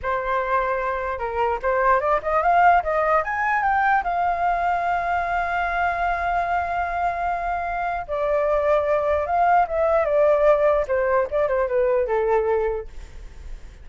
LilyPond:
\new Staff \with { instrumentName = "flute" } { \time 4/4 \tempo 4 = 149 c''2. ais'4 | c''4 d''8 dis''8 f''4 dis''4 | gis''4 g''4 f''2~ | f''1~ |
f''1 | d''2. f''4 | e''4 d''2 c''4 | d''8 c''8 b'4 a'2 | }